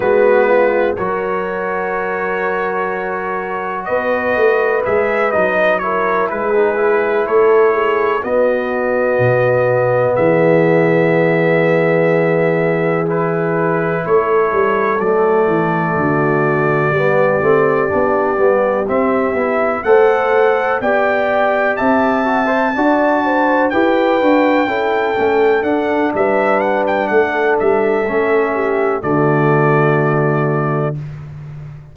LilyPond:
<<
  \new Staff \with { instrumentName = "trumpet" } { \time 4/4 \tempo 4 = 62 b'4 cis''2. | dis''4 e''8 dis''8 cis''8 b'4 cis''8~ | cis''8 dis''2 e''4.~ | e''4. b'4 cis''4 d''8~ |
d''2.~ d''8 e''8~ | e''8 fis''4 g''4 a''4.~ | a''8 g''2 fis''8 e''8 fis''16 g''16 | fis''8 e''4. d''2 | }
  \new Staff \with { instrumentName = "horn" } { \time 4/4 fis'8 f'8 ais'2. | b'2 ais'8 gis'4 a'8 | gis'8 fis'2 gis'4.~ | gis'2~ gis'8 a'4.~ |
a'8 fis'4 g'2~ g'8~ | g'8 c''4 d''4 e''4 d''8 | c''8 b'4 a'4. b'4 | a'4. g'8 fis'2 | }
  \new Staff \with { instrumentName = "trombone" } { \time 4/4 b4 fis'2.~ | fis'4 gis'8 dis'8 e'8. dis'16 e'4~ | e'8 b2.~ b8~ | b4. e'2 a8~ |
a4. b8 c'8 d'8 b8 c'8 | e'8 a'4 g'4. fis'16 c''16 fis'8~ | fis'8 g'8 fis'8 e'8 cis'8 d'4.~ | d'4 cis'4 a2 | }
  \new Staff \with { instrumentName = "tuba" } { \time 4/4 gis4 fis2. | b8 a8 gis8 fis4 gis4 a8~ | a8 b4 b,4 e4.~ | e2~ e8 a8 g8 fis8 |
e8 d4 g8 a8 b8 g8 c'8 | b8 a4 b4 c'4 d'8~ | d'8 e'8 d'8 cis'8 a8 d'8 g4 | a8 g8 a4 d2 | }
>>